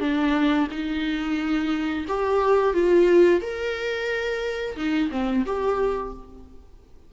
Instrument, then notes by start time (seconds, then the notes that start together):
viola
0.00 D4
0.71 D#4
2.08 G4
2.73 F4
3.41 A#4
4.76 D#4
5.11 C4
5.46 G4